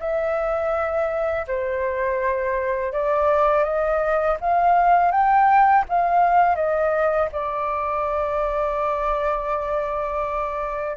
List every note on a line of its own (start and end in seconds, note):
0.00 1.46 E5
1.47 2.93 C5
2.93 3.64 D5
3.64 4.37 D#5
4.41 5.12 F5
5.12 5.85 G5
5.89 6.56 F5
6.56 7.29 D#5
7.32 10.97 D5